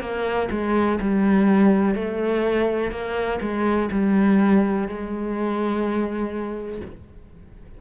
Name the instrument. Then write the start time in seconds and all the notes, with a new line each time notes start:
cello
0.00 A#3
0.51 G#3
1.00 G3
1.94 A3
2.91 A#3
3.40 G#3
3.91 G3
4.87 G#3